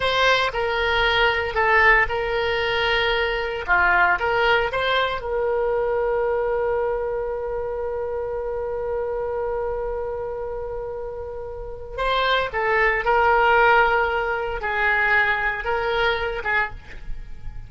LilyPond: \new Staff \with { instrumentName = "oboe" } { \time 4/4 \tempo 4 = 115 c''4 ais'2 a'4 | ais'2. f'4 | ais'4 c''4 ais'2~ | ais'1~ |
ais'1~ | ais'2. c''4 | a'4 ais'2. | gis'2 ais'4. gis'8 | }